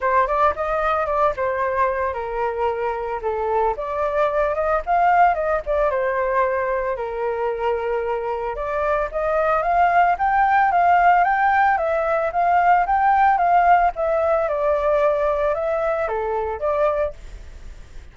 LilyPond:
\new Staff \with { instrumentName = "flute" } { \time 4/4 \tempo 4 = 112 c''8 d''8 dis''4 d''8 c''4. | ais'2 a'4 d''4~ | d''8 dis''8 f''4 dis''8 d''8 c''4~ | c''4 ais'2. |
d''4 dis''4 f''4 g''4 | f''4 g''4 e''4 f''4 | g''4 f''4 e''4 d''4~ | d''4 e''4 a'4 d''4 | }